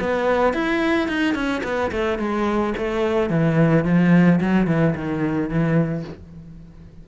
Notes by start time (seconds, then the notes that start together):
0.00 B3
0.53 E4
1.08 D#4
1.34 C#4
1.63 B3
1.91 A3
2.18 G#3
2.77 A3
3.30 E3
3.85 F3
4.41 F#3
4.67 E3
4.95 D#3
5.49 E3